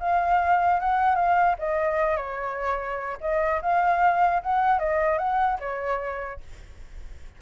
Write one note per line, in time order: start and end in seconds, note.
0.00 0.80 F5
0.80 1.16 F#5
1.16 1.56 F5
1.59 2.17 D#5
2.17 3.18 C#5
3.21 3.61 D#5
3.62 4.42 F5
4.43 4.79 F#5
4.79 5.19 D#5
5.19 5.59 F#5
5.60 6.41 C#5